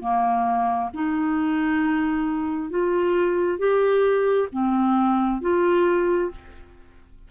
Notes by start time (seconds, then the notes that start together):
0.00 A#3
0.94 D#4
2.70 F4
3.59 G4
4.52 C4
5.41 F4